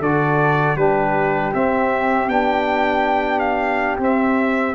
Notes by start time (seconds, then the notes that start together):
0.00 D3 F#4 A4 D5
0.76 G3 D4 G4 B4
1.54 C4 E5
2.28 B3 D4 G5
3.40 F5
3.99 C4 E5